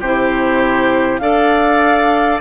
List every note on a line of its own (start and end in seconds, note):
0.00 1.20 C3
0.00 1.21 E4
0.00 1.20 G4
0.00 1.19 C5
1.19 2.40 D4
1.19 2.41 A4
1.19 2.41 D5
1.19 2.39 F5